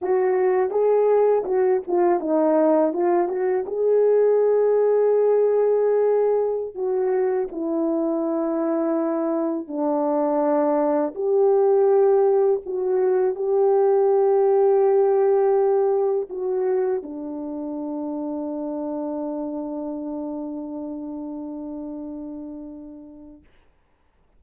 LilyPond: \new Staff \with { instrumentName = "horn" } { \time 4/4 \tempo 4 = 82 fis'4 gis'4 fis'8 f'8 dis'4 | f'8 fis'8 gis'2.~ | gis'4~ gis'16 fis'4 e'4.~ e'16~ | e'4~ e'16 d'2 g'8.~ |
g'4~ g'16 fis'4 g'4.~ g'16~ | g'2~ g'16 fis'4 d'8.~ | d'1~ | d'1 | }